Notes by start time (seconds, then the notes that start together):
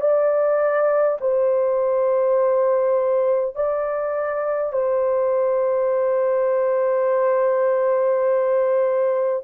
0.00 D5
1.20 C5
3.55 D5
4.72 C5